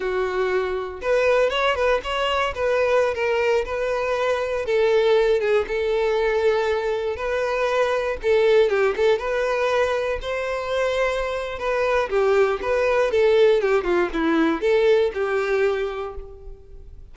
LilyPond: \new Staff \with { instrumentName = "violin" } { \time 4/4 \tempo 4 = 119 fis'2 b'4 cis''8 b'8 | cis''4 b'4~ b'16 ais'4 b'8.~ | b'4~ b'16 a'4. gis'8 a'8.~ | a'2~ a'16 b'4.~ b'16~ |
b'16 a'4 g'8 a'8 b'4.~ b'16~ | b'16 c''2~ c''8. b'4 | g'4 b'4 a'4 g'8 f'8 | e'4 a'4 g'2 | }